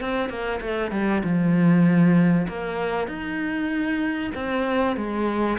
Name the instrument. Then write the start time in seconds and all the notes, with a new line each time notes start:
cello
0.00 C4
0.29 A#3
0.60 A3
0.91 G3
1.23 F3
2.48 A#3
3.07 D#4
4.35 C4
4.96 G#3